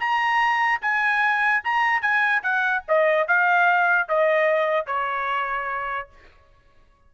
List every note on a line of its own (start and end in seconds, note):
0.00 0.82 A#5
0.82 1.64 G#5
1.64 2.02 A#5
2.02 2.43 G#5
2.43 2.84 F#5
2.88 3.28 D#5
3.28 4.09 F5
4.09 4.87 D#5
4.87 6.09 C#5